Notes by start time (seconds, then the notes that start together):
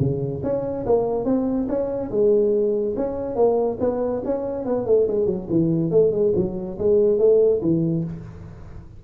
0.00 C#3
0.43 C#4
0.86 A#3
1.25 C4
1.69 C#4
2.11 G#3
2.97 C#4
3.36 A#3
3.80 B3
4.25 C#4
4.65 B3
4.86 A3
5.08 G#3
5.26 F#3
5.50 E3
5.91 A3
6.12 G#3
6.36 F#3
6.79 G#3
7.19 A3
7.62 E3